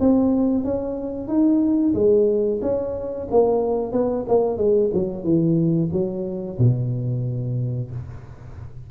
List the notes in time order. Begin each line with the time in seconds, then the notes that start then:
0.00 C4
0.64 C#4
1.28 D#4
1.94 G#3
2.62 C#4
3.31 A#3
3.92 B3
4.28 A#3
4.57 G#3
4.94 F#3
5.24 E3
5.92 F#3
6.59 B2